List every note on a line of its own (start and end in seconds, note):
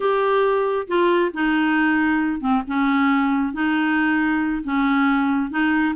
0.00 0.87 G4
0.87 1.31 F4
1.33 2.40 D#4
2.40 2.62 C4
2.67 3.53 C#4
3.53 4.63 D#4
4.63 5.50 C#4
5.50 5.94 D#4